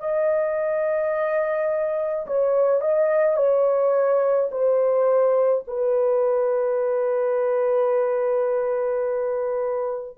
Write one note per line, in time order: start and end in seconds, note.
0.00 2.26 D#5
2.27 2.81 C#5
2.81 3.37 D#5
3.37 4.50 C#5
4.52 5.65 C5
5.68 10.18 B4